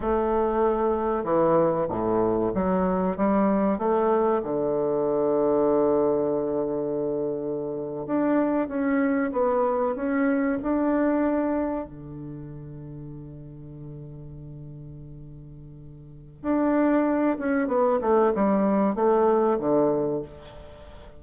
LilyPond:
\new Staff \with { instrumentName = "bassoon" } { \time 4/4 \tempo 4 = 95 a2 e4 a,4 | fis4 g4 a4 d4~ | d1~ | d8. d'4 cis'4 b4 cis'16~ |
cis'8. d'2 d4~ d16~ | d1~ | d2 d'4. cis'8 | b8 a8 g4 a4 d4 | }